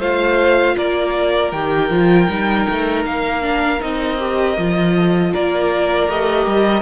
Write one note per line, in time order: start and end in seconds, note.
0.00 0.76 A3
0.00 1.53 F4
0.00 0.76 C5
0.00 0.77 F5
0.78 1.52 A#3
0.78 4.95 A#4
0.78 1.52 D5
1.52 1.90 D#3
1.52 1.92 G4
1.52 3.04 G5
1.90 2.28 F3
1.90 2.29 F4
2.29 2.67 G3
2.29 3.42 D#4
2.69 3.06 A3
3.06 3.82 A#3
3.06 3.82 F5
3.42 3.80 D4
3.80 4.58 C4
3.80 4.18 D#4
3.80 5.34 D#5
4.20 4.58 G4
4.58 5.34 F3
4.58 6.10 F4
4.96 5.33 A4
5.33 6.09 A#3
5.33 6.83 A#4
5.33 6.11 D5
6.09 6.47 A3
6.09 6.83 G4
6.09 6.83 D#5
6.47 6.83 G3